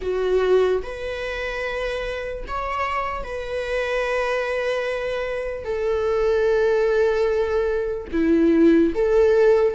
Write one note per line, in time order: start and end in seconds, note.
0.01 0.82 F#4
0.82 2.44 B4
2.47 3.23 C#5
3.23 5.64 B4
5.64 8.07 A4
8.12 8.93 E4
8.94 9.74 A4